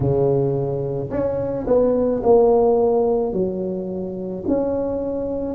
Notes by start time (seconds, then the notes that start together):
0.00 C#3
1.10 C#4
1.66 B3
2.23 A#3
3.32 F#3
4.47 C#4